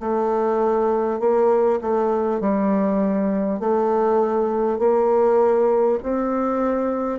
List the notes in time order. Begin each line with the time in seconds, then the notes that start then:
0.00 A3
1.19 A#3
1.81 A3
2.40 G3
3.59 A3
4.78 A#3
6.02 C4